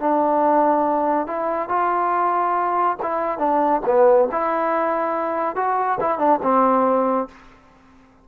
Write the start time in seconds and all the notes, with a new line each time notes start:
0.00 D4
1.27 E4
1.69 F4
3.03 E4
3.39 D4
3.86 B3
4.32 E4
5.56 F#4
6.01 E4
6.19 D4
6.43 C4